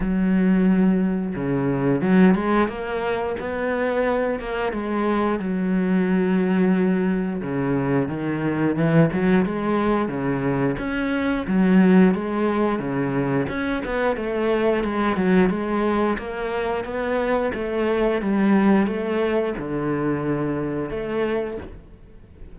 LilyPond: \new Staff \with { instrumentName = "cello" } { \time 4/4 \tempo 4 = 89 fis2 cis4 fis8 gis8 | ais4 b4. ais8 gis4 | fis2. cis4 | dis4 e8 fis8 gis4 cis4 |
cis'4 fis4 gis4 cis4 | cis'8 b8 a4 gis8 fis8 gis4 | ais4 b4 a4 g4 | a4 d2 a4 | }